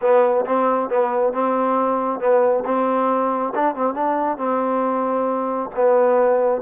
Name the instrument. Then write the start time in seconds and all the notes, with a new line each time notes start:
trombone
0.01 B3
0.45 C4
0.89 B3
1.33 C4
2.19 B3
2.65 C4
3.54 D4
3.75 C4
3.94 D4
4.37 C4
5.75 B3